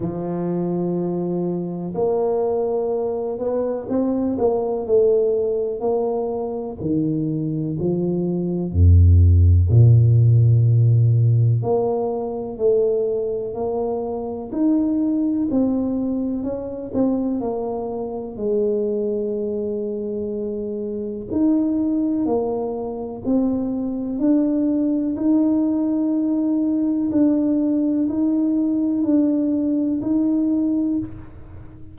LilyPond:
\new Staff \with { instrumentName = "tuba" } { \time 4/4 \tempo 4 = 62 f2 ais4. b8 | c'8 ais8 a4 ais4 dis4 | f4 f,4 ais,2 | ais4 a4 ais4 dis'4 |
c'4 cis'8 c'8 ais4 gis4~ | gis2 dis'4 ais4 | c'4 d'4 dis'2 | d'4 dis'4 d'4 dis'4 | }